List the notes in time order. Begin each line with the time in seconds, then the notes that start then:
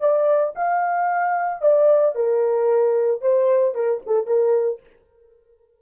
0.00 D5
0.55 F5
1.61 D5
2.15 A#4
3.21 C5
3.74 A#4
4.06 A4
4.26 A#4